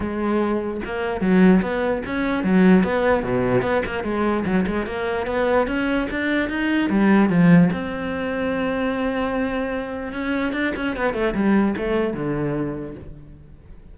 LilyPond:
\new Staff \with { instrumentName = "cello" } { \time 4/4 \tempo 4 = 148 gis2 ais4 fis4 | b4 cis'4 fis4 b4 | b,4 b8 ais8 gis4 fis8 gis8 | ais4 b4 cis'4 d'4 |
dis'4 g4 f4 c'4~ | c'1~ | c'4 cis'4 d'8 cis'8 b8 a8 | g4 a4 d2 | }